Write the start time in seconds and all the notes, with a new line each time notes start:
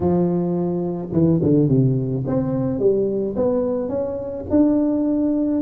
0.00 F3
1.12 E3
1.42 D3
1.68 C3
2.26 C4
2.79 G3
3.36 B3
3.88 C#4
4.50 D4